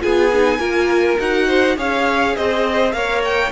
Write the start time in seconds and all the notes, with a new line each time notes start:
0.00 B3 F4 G#4 G#5
0.33 D#4
0.58 A#3 F4 A#4
1.19 D#4 F#4 F#5
1.47 C5
1.76 C#4 G#4 C#5 F5
2.36 C4 C5 D#5
2.92 A#3 A#4 C#5 F5
3.24 G5